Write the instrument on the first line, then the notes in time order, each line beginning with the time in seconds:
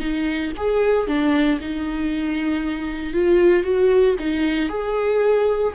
viola
0.00 D#4
0.57 G#4
1.07 D4
1.61 D#4
3.13 F4
3.64 F#4
4.19 D#4
4.69 G#4